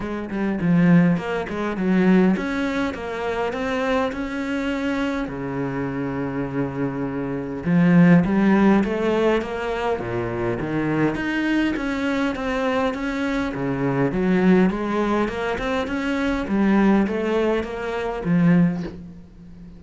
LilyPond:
\new Staff \with { instrumentName = "cello" } { \time 4/4 \tempo 4 = 102 gis8 g8 f4 ais8 gis8 fis4 | cis'4 ais4 c'4 cis'4~ | cis'4 cis2.~ | cis4 f4 g4 a4 |
ais4 ais,4 dis4 dis'4 | cis'4 c'4 cis'4 cis4 | fis4 gis4 ais8 c'8 cis'4 | g4 a4 ais4 f4 | }